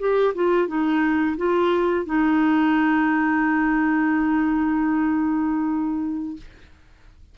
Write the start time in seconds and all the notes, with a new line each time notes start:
0.00 G4
0.35 F4
0.68 D#4
1.38 F4
2.06 D#4